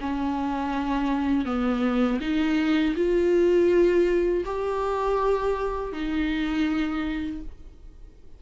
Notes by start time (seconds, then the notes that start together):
0.00 C#4
1.45 B3
2.20 D#4
2.96 F4
4.44 G4
5.92 D#4